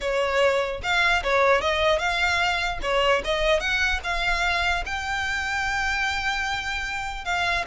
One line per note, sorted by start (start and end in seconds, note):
0.01 0.81 C#5
0.82 1.22 F5
1.23 1.61 C#5
1.61 1.98 D#5
1.98 2.79 F5
2.82 3.22 C#5
3.24 3.59 D#5
3.59 4.00 F#5
4.03 4.84 F5
4.85 7.24 G5
7.24 7.65 F5